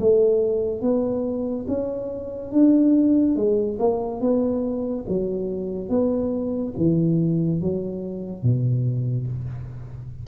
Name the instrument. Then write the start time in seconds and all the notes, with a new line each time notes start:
tuba
0.00 A3
0.82 B3
1.68 C#4
2.52 D4
3.36 G#3
3.79 A#3
4.21 B3
5.09 F#3
5.89 B3
6.78 E3
7.61 F#3
8.43 B2